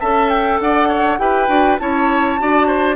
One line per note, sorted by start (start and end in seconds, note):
0.00 0.60 C#4
0.00 1.19 A4
0.00 0.59 E5
0.00 0.29 A5
0.29 0.59 G5
0.60 1.19 D4
0.60 0.88 D5
0.60 1.19 F#5
0.88 1.18 C#5
1.19 1.49 E4
1.19 1.48 G4
1.19 1.81 B4
1.19 1.78 G5
1.48 1.78 D4
1.48 1.77 F#4
1.79 2.40 C#4
1.79 2.39 E4
1.79 2.41 C#5
1.79 2.96 A5
2.39 2.96 D4
2.39 2.96 F#4
2.39 2.67 D5
2.67 2.96 C5